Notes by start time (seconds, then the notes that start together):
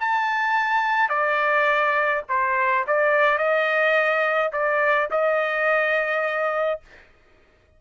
0.00 A5
1.09 D5
2.28 C5
2.87 D5
3.38 D#5
4.52 D5
5.10 D#5